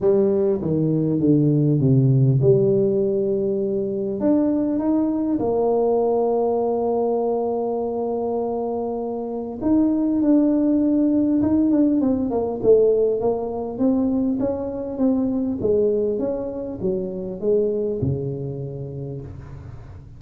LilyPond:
\new Staff \with { instrumentName = "tuba" } { \time 4/4 \tempo 4 = 100 g4 dis4 d4 c4 | g2. d'4 | dis'4 ais2.~ | ais1 |
dis'4 d'2 dis'8 d'8 | c'8 ais8 a4 ais4 c'4 | cis'4 c'4 gis4 cis'4 | fis4 gis4 cis2 | }